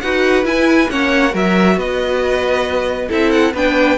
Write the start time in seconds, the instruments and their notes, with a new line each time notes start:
0.00 cello D#4, viola F#4, violin B4 F#5
0.43 cello E4, viola E4, violin G#5
0.90 cello A#3, viola C#4, violin C#5 F#5
1.30 cello F#3, viola F#4, violin A#4
1.36 violin E5
1.76 cello B3, violin B4 D#5
3.08 cello C4, viola E4, violin A4 E5
3.31 violin F#5
3.53 cello B3, viola D4, violin B4 G5